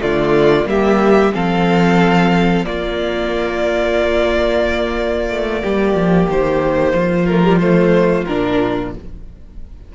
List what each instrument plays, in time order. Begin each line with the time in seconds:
0.00 cello D3, viola A3, violin F4 D5
0.65 cello G3, viola A#3, violin G4 E5
1.34 cello F3, viola C4, violin A4 F5
2.65 viola A#3, cello A#3, violin F4 D5
5.30 cello A3
5.62 cello G3, violin G4
5.95 cello F3
6.30 cello D#3, violin C5
6.94 cello F3, violin F4
7.26 viola A3, violin A#4
7.43 viola G3
7.59 viola A3, violin C5
8.26 cello A#2, viola D4, violin A#4